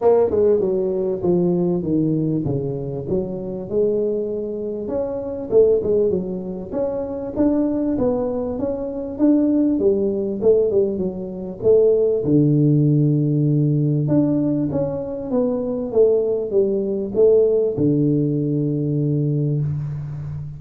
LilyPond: \new Staff \with { instrumentName = "tuba" } { \time 4/4 \tempo 4 = 98 ais8 gis8 fis4 f4 dis4 | cis4 fis4 gis2 | cis'4 a8 gis8 fis4 cis'4 | d'4 b4 cis'4 d'4 |
g4 a8 g8 fis4 a4 | d2. d'4 | cis'4 b4 a4 g4 | a4 d2. | }